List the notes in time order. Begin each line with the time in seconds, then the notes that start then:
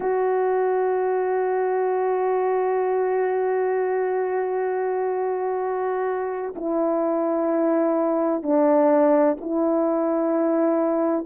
0.00 F#4
6.55 E4
8.42 D4
9.40 E4